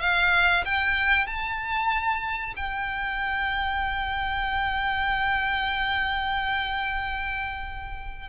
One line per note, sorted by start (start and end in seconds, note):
0.00 0.64 F5
0.65 1.26 G5
1.26 2.54 A5
2.56 8.29 G5